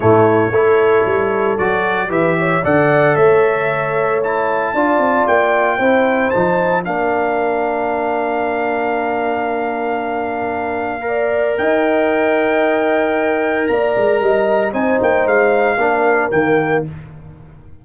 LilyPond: <<
  \new Staff \with { instrumentName = "trumpet" } { \time 4/4 \tempo 4 = 114 cis''2. d''4 | e''4 fis''4 e''2 | a''2 g''2 | a''4 f''2.~ |
f''1~ | f''2 g''2~ | g''2 ais''2 | gis''8 g''8 f''2 g''4 | }
  \new Staff \with { instrumentName = "horn" } { \time 4/4 e'4 a'2. | b'8 cis''8 d''4 cis''2~ | cis''4 d''2 c''4~ | c''4 ais'2.~ |
ais'1~ | ais'4 d''4 dis''2~ | dis''2 d''4 dis''4 | c''2 ais'2 | }
  \new Staff \with { instrumentName = "trombone" } { \time 4/4 a4 e'2 fis'4 | g'4 a'2. | e'4 f'2 e'4 | dis'4 d'2.~ |
d'1~ | d'4 ais'2.~ | ais'1 | dis'2 d'4 ais4 | }
  \new Staff \with { instrumentName = "tuba" } { \time 4/4 a,4 a4 g4 fis4 | e4 d4 a2~ | a4 d'8 c'8 ais4 c'4 | f4 ais2.~ |
ais1~ | ais2 dis'2~ | dis'2 ais8 gis8 g4 | c'8 ais8 gis4 ais4 dis4 | }
>>